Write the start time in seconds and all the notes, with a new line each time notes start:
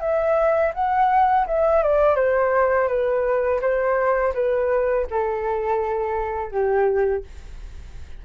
0.00 E5
0.74 F#5
1.47 E5
1.82 D5
2.15 C5
2.88 B4
3.60 C5
4.34 B4
5.10 A4
6.51 G4